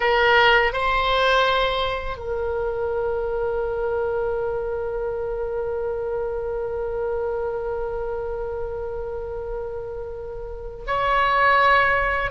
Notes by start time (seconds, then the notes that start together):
0.00 A#4
0.72 C5
2.17 A#4
10.86 C#5